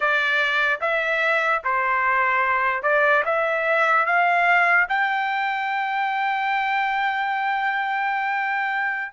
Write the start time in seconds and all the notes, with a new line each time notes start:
0.00 D5
0.81 E5
1.64 C5
2.82 D5
3.25 E5
4.05 F5
4.89 G5